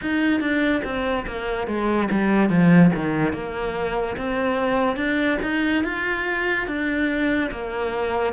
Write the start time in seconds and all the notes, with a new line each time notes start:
0.01 D#4
0.40 D4
0.84 C4
1.27 A#3
1.67 G#3
2.11 G3
2.49 F3
2.95 D#3
3.33 A#3
4.16 C4
4.96 D4
5.42 D#4
5.83 F4
6.67 D4
7.51 A#3